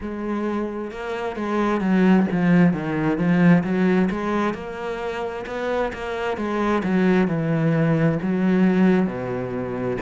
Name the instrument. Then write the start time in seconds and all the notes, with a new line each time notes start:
cello
0.00 G#3
0.91 A#3
1.36 G#3
1.81 F#3
2.31 F3
2.73 D#3
3.17 F3
3.63 F#3
4.10 G#3
4.54 A#3
5.46 B3
5.93 A#3
6.37 G#3
6.83 F#3
7.27 E3
8.21 F#3
9.06 B2